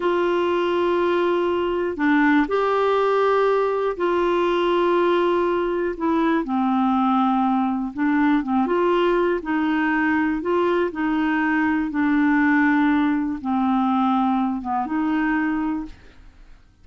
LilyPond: \new Staff \with { instrumentName = "clarinet" } { \time 4/4 \tempo 4 = 121 f'1 | d'4 g'2. | f'1 | e'4 c'2. |
d'4 c'8 f'4. dis'4~ | dis'4 f'4 dis'2 | d'2. c'4~ | c'4. b8 dis'2 | }